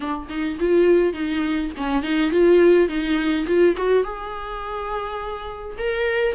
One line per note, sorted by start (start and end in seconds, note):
0.00 0.26 D4
0.29 0.57 D#4
0.59 1.13 F4
1.13 1.70 D#4
1.77 2.02 C#4
2.02 2.31 D#4
2.31 2.88 F4
2.88 3.46 D#4
3.46 3.75 F4
3.77 4.03 F#4
4.03 5.76 G#4
5.78 6.35 A#4